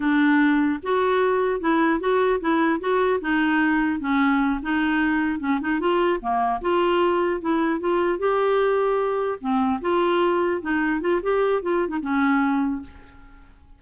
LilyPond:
\new Staff \with { instrumentName = "clarinet" } { \time 4/4 \tempo 4 = 150 d'2 fis'2 | e'4 fis'4 e'4 fis'4 | dis'2 cis'4. dis'8~ | dis'4. cis'8 dis'8 f'4 ais8~ |
ais8 f'2 e'4 f'8~ | f'8 g'2. c'8~ | c'8 f'2 dis'4 f'8 | g'4 f'8. dis'16 cis'2 | }